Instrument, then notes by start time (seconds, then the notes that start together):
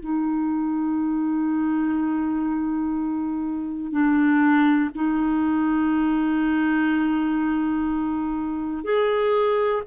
clarinet
0.00 D#4
3.91 D4
4.94 D#4
8.84 G#4